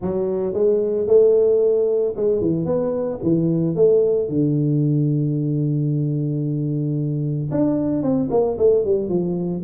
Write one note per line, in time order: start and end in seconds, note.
0.01 0.53 F#3
0.53 1.07 G#3
1.07 2.14 A3
2.16 2.41 G#3
2.41 2.65 E3
2.65 3.19 B3
3.22 3.75 E3
3.75 4.29 A3
4.29 7.50 D3
7.51 8.02 D4
8.02 8.29 C4
8.30 8.57 A#3
8.57 8.84 A3
8.84 9.08 G3
9.08 9.62 F3